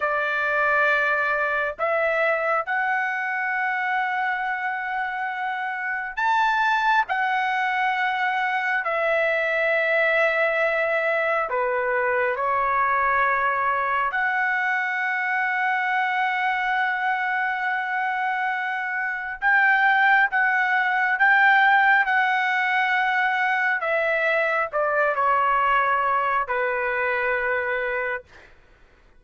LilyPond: \new Staff \with { instrumentName = "trumpet" } { \time 4/4 \tempo 4 = 68 d''2 e''4 fis''4~ | fis''2. a''4 | fis''2 e''2~ | e''4 b'4 cis''2 |
fis''1~ | fis''2 g''4 fis''4 | g''4 fis''2 e''4 | d''8 cis''4. b'2 | }